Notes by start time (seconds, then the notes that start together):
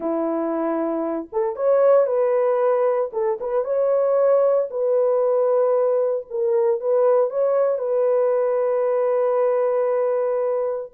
0.00 E4
1.32 A4
1.56 C#5
2.06 B4
3.12 A4
3.40 B4
3.64 C#5
4.70 B4
6.30 A#4
6.80 B4
7.29 C#5
7.78 B4